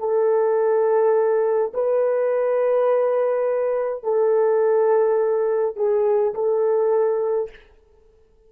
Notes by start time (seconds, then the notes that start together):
0.00 A4
1.74 B4
4.04 A4
5.76 G#4
6.35 A4